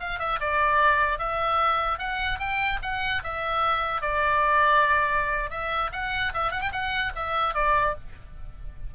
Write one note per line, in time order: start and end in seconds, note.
0.00 0.19 F5
0.19 0.39 E5
0.40 1.18 D5
1.18 1.98 E5
1.98 2.38 F#5
2.39 2.79 G5
2.82 3.22 F#5
3.23 4.01 E5
4.01 5.50 D5
5.50 5.90 E5
5.92 6.32 F#5
6.33 6.51 E5
6.51 6.61 F#5
6.61 6.71 G5
6.72 7.12 F#5
7.15 7.54 E5
7.54 7.94 D5